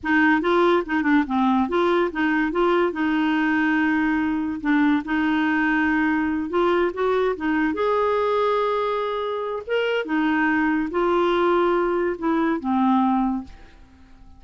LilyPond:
\new Staff \with { instrumentName = "clarinet" } { \time 4/4 \tempo 4 = 143 dis'4 f'4 dis'8 d'8 c'4 | f'4 dis'4 f'4 dis'4~ | dis'2. d'4 | dis'2.~ dis'8 f'8~ |
f'8 fis'4 dis'4 gis'4.~ | gis'2. ais'4 | dis'2 f'2~ | f'4 e'4 c'2 | }